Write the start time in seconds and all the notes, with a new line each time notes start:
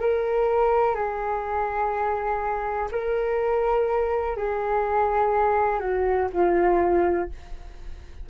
0.00 A#4
0.95 G#4
2.91 A#4
4.36 G#4
5.79 F#4
6.32 F4